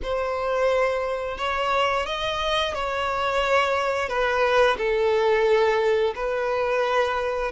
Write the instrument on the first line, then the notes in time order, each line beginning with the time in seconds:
violin
0.02 C5
1.37 C#5
2.06 D#5
2.74 C#5
4.08 B4
4.77 A4
6.15 B4